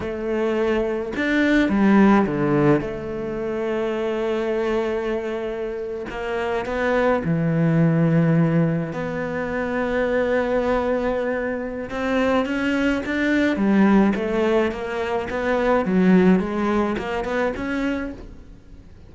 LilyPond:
\new Staff \with { instrumentName = "cello" } { \time 4/4 \tempo 4 = 106 a2 d'4 g4 | d4 a2.~ | a2~ a8. ais4 b16~ | b8. e2. b16~ |
b1~ | b4 c'4 cis'4 d'4 | g4 a4 ais4 b4 | fis4 gis4 ais8 b8 cis'4 | }